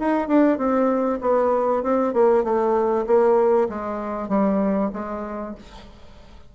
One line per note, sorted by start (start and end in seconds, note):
0.00 0.28 D#4
0.28 0.58 D4
0.58 1.20 C4
1.21 1.83 B3
1.84 2.14 C4
2.14 2.44 A#3
2.44 3.06 A3
3.07 3.69 A#3
3.69 4.29 G#3
4.29 4.91 G3
4.93 5.55 G#3